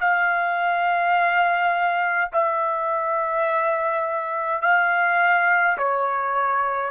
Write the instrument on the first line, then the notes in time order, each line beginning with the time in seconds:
trumpet
0.00 F5
2.32 E5
4.62 F5
5.78 C#5